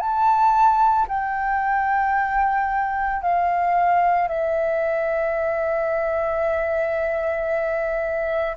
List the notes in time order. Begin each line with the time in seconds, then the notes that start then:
0.00 A5
1.09 G5
3.22 F5
4.29 E5